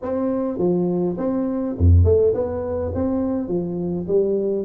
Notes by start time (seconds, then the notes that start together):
0.02 C4
0.58 F3
1.17 C4
1.78 F2
2.04 A3
2.34 B3
2.94 C4
3.48 F3
4.07 G3